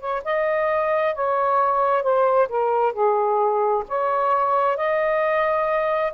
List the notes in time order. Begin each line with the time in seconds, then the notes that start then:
0.00 C#5
0.24 D#5
1.15 C#5
2.03 C5
2.49 A#4
2.93 G#4
3.88 C#5
4.77 D#5